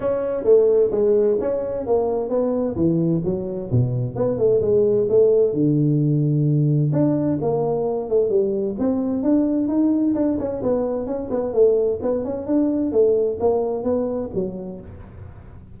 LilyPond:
\new Staff \with { instrumentName = "tuba" } { \time 4/4 \tempo 4 = 130 cis'4 a4 gis4 cis'4 | ais4 b4 e4 fis4 | b,4 b8 a8 gis4 a4 | d2. d'4 |
ais4. a8 g4 c'4 | d'4 dis'4 d'8 cis'8 b4 | cis'8 b8 a4 b8 cis'8 d'4 | a4 ais4 b4 fis4 | }